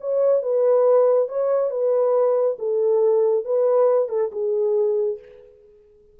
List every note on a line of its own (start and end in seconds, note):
0.00 0.42 C#5
0.42 1.28 B4
1.28 1.70 C#5
1.70 2.57 B4
2.59 3.44 A4
3.44 4.09 B4
4.09 4.30 A4
4.32 5.19 G#4